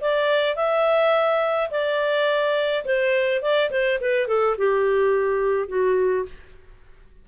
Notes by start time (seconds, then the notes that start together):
0.00 D5
0.56 E5
1.70 D5
2.85 C5
3.41 D5
3.70 C5
4.00 B4
4.27 A4
4.57 G4
5.68 F#4